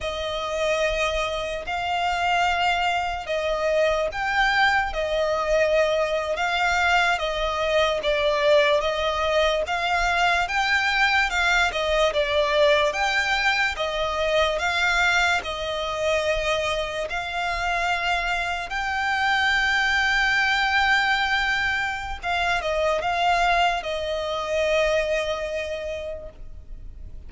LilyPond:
\new Staff \with { instrumentName = "violin" } { \time 4/4 \tempo 4 = 73 dis''2 f''2 | dis''4 g''4 dis''4.~ dis''16 f''16~ | f''8. dis''4 d''4 dis''4 f''16~ | f''8. g''4 f''8 dis''8 d''4 g''16~ |
g''8. dis''4 f''4 dis''4~ dis''16~ | dis''8. f''2 g''4~ g''16~ | g''2. f''8 dis''8 | f''4 dis''2. | }